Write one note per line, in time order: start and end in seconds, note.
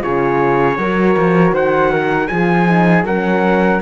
0.00 0.76 F4
0.00 0.79 G#4
0.00 1.55 C#5
0.06 0.78 C#3
0.78 1.16 F#3
0.78 2.30 F#4
0.78 1.54 A#4
1.18 1.52 F3
1.52 2.28 D#3
1.52 1.91 C5
1.52 2.28 F#5
1.91 2.29 A#4
2.28 3.04 F3
2.28 2.67 F4
2.28 3.06 G#4
2.28 3.04 G#5
2.67 3.05 D#4
3.04 3.80 F#3
3.04 3.82 C#4
3.04 3.82 A#4
3.04 3.82 F#5